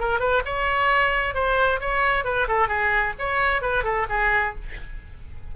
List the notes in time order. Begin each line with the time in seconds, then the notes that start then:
0.00 A#4
0.20 B4
0.46 C#5
1.35 C5
1.81 C#5
2.25 B4
2.49 A4
2.68 G#4
3.19 C#5
3.62 B4
3.84 A4
4.10 G#4